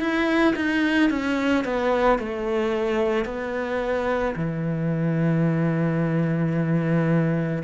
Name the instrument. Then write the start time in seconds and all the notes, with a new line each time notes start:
cello
0.00 E4
0.56 D#4
1.10 C#4
1.65 B3
2.19 A3
3.25 B3
4.35 E3